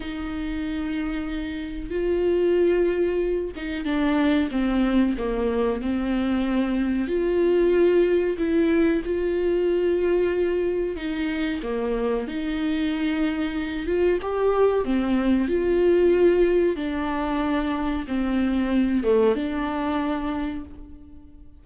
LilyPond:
\new Staff \with { instrumentName = "viola" } { \time 4/4 \tempo 4 = 93 dis'2. f'4~ | f'4. dis'8 d'4 c'4 | ais4 c'2 f'4~ | f'4 e'4 f'2~ |
f'4 dis'4 ais4 dis'4~ | dis'4. f'8 g'4 c'4 | f'2 d'2 | c'4. a8 d'2 | }